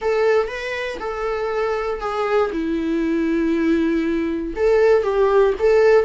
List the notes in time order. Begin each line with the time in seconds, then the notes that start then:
0.01 A4
0.47 B4
0.99 A4
2.00 G#4
2.52 E4
4.56 A4
5.02 G4
5.59 A4